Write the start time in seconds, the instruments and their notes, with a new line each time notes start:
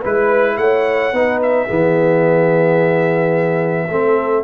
0.00 tuba G#3, trombone E4, horn B4, trumpet B4
0.57 tuba A3, horn C#5, trumpet F#5
1.12 tuba B3, trombone D#4, horn B4
1.43 trumpet E5
1.66 tuba E3, trombone B3, horn G#4
3.89 tuba A3, trombone C4, horn A4